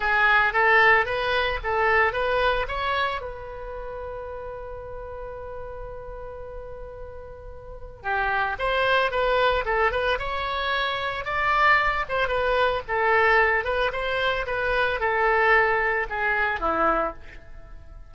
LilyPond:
\new Staff \with { instrumentName = "oboe" } { \time 4/4 \tempo 4 = 112 gis'4 a'4 b'4 a'4 | b'4 cis''4 b'2~ | b'1~ | b'2. g'4 |
c''4 b'4 a'8 b'8 cis''4~ | cis''4 d''4. c''8 b'4 | a'4. b'8 c''4 b'4 | a'2 gis'4 e'4 | }